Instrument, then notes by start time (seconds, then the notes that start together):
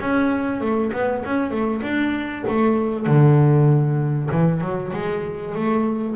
double bass
0.00 C#4
0.61 A3
0.93 B3
1.25 C#4
1.50 A3
1.82 D4
2.48 A3
3.06 D3
4.31 E3
4.61 F#3
4.93 G#3
5.55 A3